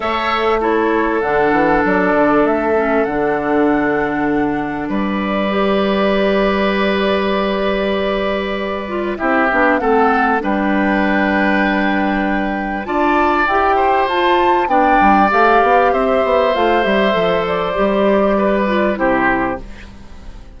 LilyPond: <<
  \new Staff \with { instrumentName = "flute" } { \time 4/4 \tempo 4 = 98 e''4 cis''4 fis''4 d''4 | e''4 fis''2. | d''1~ | d''2. e''4 |
fis''4 g''2.~ | g''4 a''4 g''4 a''4 | g''4 f''4 e''4 f''8 e''8~ | e''8 d''2~ d''8 c''4 | }
  \new Staff \with { instrumentName = "oboe" } { \time 4/4 cis''4 a'2.~ | a'1 | b'1~ | b'2. g'4 |
a'4 b'2.~ | b'4 d''4. c''4. | d''2 c''2~ | c''2 b'4 g'4 | }
  \new Staff \with { instrumentName = "clarinet" } { \time 4/4 a'4 e'4 d'2~ | d'8 cis'8 d'2.~ | d'4 g'2.~ | g'2~ g'8 f'8 e'8 d'8 |
c'4 d'2.~ | d'4 f'4 g'4 f'4 | d'4 g'2 f'8 g'8 | a'4 g'4. f'8 e'4 | }
  \new Staff \with { instrumentName = "bassoon" } { \time 4/4 a2 d8 e8 fis8 d8 | a4 d2. | g1~ | g2. c'8 b8 |
a4 g2.~ | g4 d'4 e'4 f'4 | b8 g8 a8 b8 c'8 b8 a8 g8 | f4 g2 c4 | }
>>